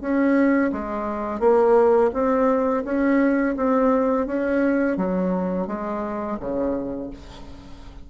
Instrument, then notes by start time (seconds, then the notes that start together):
bassoon
0.00 C#4
0.72 G#3
1.40 A#3
2.13 C4
2.84 C#4
3.56 C4
4.26 C#4
4.97 F#3
5.67 G#3
6.39 C#3